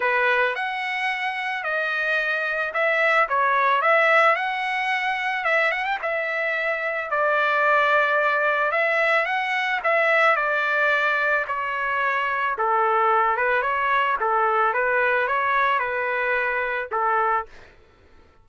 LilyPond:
\new Staff \with { instrumentName = "trumpet" } { \time 4/4 \tempo 4 = 110 b'4 fis''2 dis''4~ | dis''4 e''4 cis''4 e''4 | fis''2 e''8 fis''16 g''16 e''4~ | e''4 d''2. |
e''4 fis''4 e''4 d''4~ | d''4 cis''2 a'4~ | a'8 b'8 cis''4 a'4 b'4 | cis''4 b'2 a'4 | }